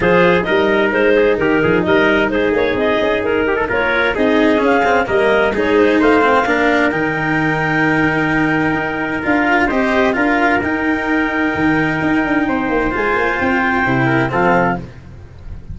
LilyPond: <<
  \new Staff \with { instrumentName = "clarinet" } { \time 4/4 \tempo 4 = 130 c''4 dis''4 c''4 ais'4 | dis''4 c''8 cis''8 dis''4 ais'4 | cis''4 dis''4 f''4 dis''4 | cis''8 c''8 f''2 g''4~ |
g''1 | f''4 dis''4 f''4 g''4~ | g''1 | gis''4 g''2 f''4 | }
  \new Staff \with { instrumentName = "trumpet" } { \time 4/4 gis'4 ais'4. gis'8 g'8 gis'8 | ais'4 gis'2~ gis'8 g'16 a'16 | ais'4 gis'2 ais'4 | gis'4 c''4 ais'2~ |
ais'1~ | ais'4 c''4 ais'2~ | ais'2. c''4~ | c''2~ c''8 ais'8 a'4 | }
  \new Staff \with { instrumentName = "cello" } { \time 4/4 f'4 dis'2.~ | dis'1 | f'4 dis'4 cis'8 c'8 ais4 | dis'4. c'8 d'4 dis'4~ |
dis'1 | f'4 g'4 f'4 dis'4~ | dis'1 | f'2 e'4 c'4 | }
  \new Staff \with { instrumentName = "tuba" } { \time 4/4 f4 g4 gis4 dis8 f8 | g4 gis8 ais8 c'8 cis'8 dis'4 | ais4 c'4 cis'4 g4 | gis4 a4 ais4 dis4~ |
dis2. dis'4 | d'4 c'4 d'4 dis'4~ | dis'4 dis4 dis'8 d'8 c'8 ais8 | gis8 ais8 c'4 c4 f4 | }
>>